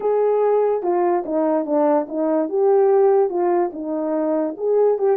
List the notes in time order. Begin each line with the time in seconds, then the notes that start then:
0.00 G#4
0.82 F4
1.25 D#4
1.65 D4
2.08 D#4
2.49 G4
3.29 F4
3.72 D#4
4.57 G#4
4.98 G4